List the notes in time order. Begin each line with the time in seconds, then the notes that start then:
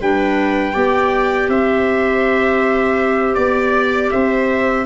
0.00 G3 D4 B4 G5
0.73 B3 G4 D5
1.48 C4 C5 E5
3.34 B3 D5
4.11 C4 C5 E5